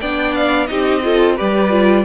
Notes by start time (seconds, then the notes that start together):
0.00 B3 D4 D5 G5
0.35 F5
0.66 C4 D#4 G4 D#5
1.03 F4 A4
1.36 G3 G4 B4 D5
1.70 F4